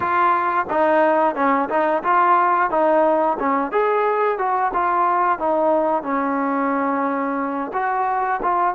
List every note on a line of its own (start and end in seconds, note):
0.00 0.66 F4
0.70 1.35 D#4
1.35 1.69 C#4
1.69 2.03 D#4
2.03 2.70 F4
2.70 3.37 D#4
3.39 3.71 C#4
3.71 4.38 G#4
4.38 4.72 F#4
4.73 5.38 F4
5.38 6.02 D#4
6.02 7.71 C#4
7.73 8.40 F#4
8.42 8.74 F4